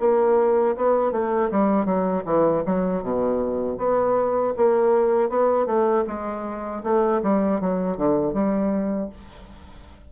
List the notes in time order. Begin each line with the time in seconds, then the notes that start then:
0.00 A#3
0.76 B3
1.12 A3
1.51 G3
1.85 F#3
2.25 E3
2.66 F#3
3.03 B2
3.78 B3
4.57 A#3
5.30 B3
5.67 A3
6.07 G#3
6.84 A3
7.23 G3
7.61 F#3
7.97 D3
8.34 G3